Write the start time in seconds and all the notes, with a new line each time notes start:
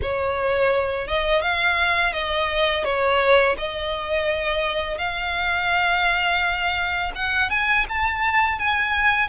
0.02 C#5
1.07 D#5
1.41 F5
2.12 D#5
2.84 C#5
3.57 D#5
4.97 F5
7.15 F#5
7.50 G#5
7.88 A5
8.58 G#5